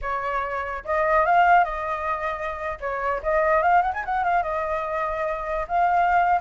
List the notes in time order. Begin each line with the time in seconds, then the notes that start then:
0.01 C#5
0.84 D#5
1.25 F5
1.64 D#5
2.80 C#5
3.23 D#5
3.62 F5
3.82 F#5
3.93 G#5
4.05 F#5
4.24 F5
4.42 D#5
5.67 F5